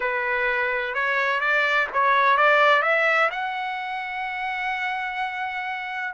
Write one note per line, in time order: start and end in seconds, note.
0.00 0.94 B4
0.94 1.40 C#5
1.40 1.87 D5
1.93 2.37 C#5
2.37 2.82 D5
2.82 3.29 E5
3.30 6.14 F#5